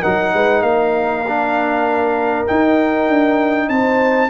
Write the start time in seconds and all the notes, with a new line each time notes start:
0.00 F#3 D#4 A#4 F#5
0.33 G#3 B4
0.61 A#3 A#4 F5
1.27 D4
2.46 D#4 G5
3.09 D4
3.68 C4 C5 A5